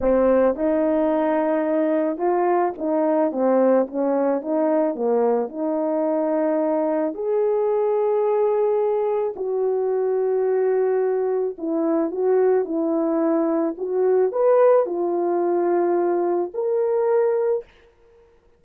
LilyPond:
\new Staff \with { instrumentName = "horn" } { \time 4/4 \tempo 4 = 109 c'4 dis'2. | f'4 dis'4 c'4 cis'4 | dis'4 ais4 dis'2~ | dis'4 gis'2.~ |
gis'4 fis'2.~ | fis'4 e'4 fis'4 e'4~ | e'4 fis'4 b'4 f'4~ | f'2 ais'2 | }